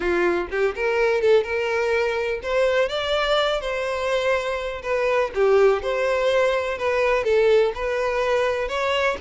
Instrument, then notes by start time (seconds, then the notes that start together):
violin
0.00 F4
0.50 G4
0.75 A#4
1.21 A4
1.43 A#4
2.42 C5
2.88 D5
3.60 C5
4.82 B4
5.34 G4
5.82 C5
6.77 B4
7.24 A4
7.75 B4
8.68 C#5